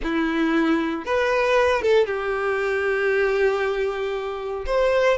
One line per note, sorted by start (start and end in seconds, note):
0.03 1.05 E4
1.05 1.82 B4
1.82 2.06 A4
2.06 4.65 G4
4.66 5.17 C5